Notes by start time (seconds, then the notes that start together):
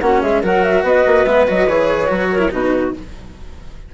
0.00 A#3 C#4 F#4 F#5
0.21 G#3 G#4 E5
0.42 F#3 F#4 A#4 F#5
0.64 E5
0.83 B3 B4 D#5
1.06 A#3
1.25 G#3 B3 E5
1.47 F#3 F#4 D#5
1.68 E3 G#4 C#5
2.07 F#3 F#4
2.32 A#4
2.39 E4
2.51 B2 D#4 F#4 B4